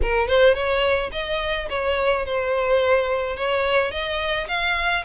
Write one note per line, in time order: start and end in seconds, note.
0.02 0.28 A#4
0.28 0.54 C5
0.54 1.10 C#5
1.12 1.68 D#5
1.69 2.25 C#5
2.25 3.36 C5
3.36 3.91 C#5
3.91 4.47 D#5
4.47 5.03 F5